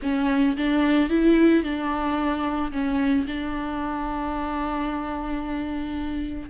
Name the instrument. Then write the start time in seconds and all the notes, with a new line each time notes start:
viola
0.02 C#4
0.57 D4
1.09 E4
1.63 D4
2.71 C#4
3.26 D4